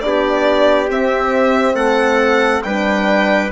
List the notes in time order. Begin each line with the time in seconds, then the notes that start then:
0.00 B3 D4 G4 D5
0.89 C4 E5
1.74 A3 A4 F#5
2.63 G3 D4 B4 G5